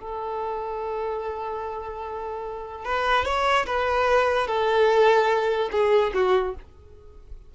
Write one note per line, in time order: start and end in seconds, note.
0.00 2.85 A4
2.85 3.25 B4
3.25 3.66 C#5
3.67 4.47 B4
4.47 5.70 A4
5.72 6.13 G#4
6.14 6.55 F#4